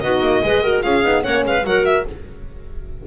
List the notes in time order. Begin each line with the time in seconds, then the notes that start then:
0.00 B3 F#4 D#5
0.06 D#4
0.22 A#3
0.43 G#3 G#4 B4
0.63 F#4 A#4
0.82 C#4 F4 G#4 F5
1.03 B3 D#4
1.22 A#3 C#4 C#5 F#5
1.45 G#3 B4 F5
1.64 F#3 F#4 A#4 F#5
1.85 E5